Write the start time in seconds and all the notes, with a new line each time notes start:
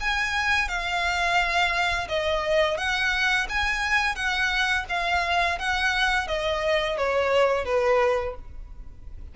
0.00 G#5
0.68 F5
2.08 D#5
2.77 F#5
3.49 G#5
4.15 F#5
4.89 F5
5.58 F#5
6.27 D#5
6.97 C#5
7.65 B4